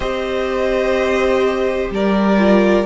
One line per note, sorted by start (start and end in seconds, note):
0.00 1.89 C4
0.00 2.37 G4
0.00 1.91 C5
0.00 1.90 D#5
1.90 2.85 G3
1.90 2.86 A#4
1.90 2.86 D5
2.37 2.85 F4